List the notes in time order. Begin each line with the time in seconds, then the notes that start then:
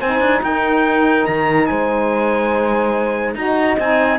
0.00 C4 D#4 C5 G#5
0.20 D4
0.43 D#4 A#4 G5
1.26 D#3 A#5
1.66 G#3 C5 G#5
3.35 D#4 F#4 D#5 A#5
3.79 C4 D#4 G#5